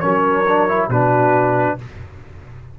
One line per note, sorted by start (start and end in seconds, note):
0.00 0.88 F#3
0.00 0.46 C#4
0.00 0.88 A#4
0.00 0.88 C#5
0.48 0.68 D4
0.68 0.90 E4
0.88 1.76 B2
0.88 1.78 D4
0.88 1.76 F#4
0.88 1.79 B4